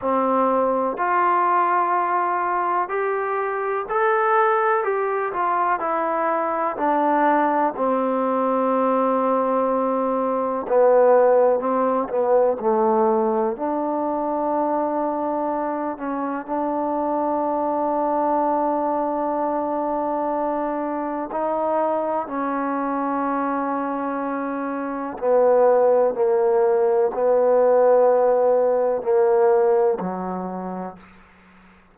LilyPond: \new Staff \with { instrumentName = "trombone" } { \time 4/4 \tempo 4 = 62 c'4 f'2 g'4 | a'4 g'8 f'8 e'4 d'4 | c'2. b4 | c'8 b8 a4 d'2~ |
d'8 cis'8 d'2.~ | d'2 dis'4 cis'4~ | cis'2 b4 ais4 | b2 ais4 fis4 | }